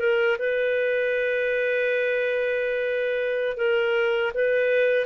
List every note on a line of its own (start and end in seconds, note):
0.00 0.38 A#4
0.39 3.58 B4
3.58 4.33 A#4
4.35 5.06 B4